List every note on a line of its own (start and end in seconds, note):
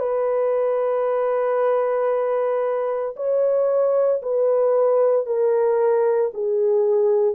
0.00 3.16 B4
3.16 4.22 C#5
4.22 5.26 B4
5.26 6.32 A#4
6.34 7.35 G#4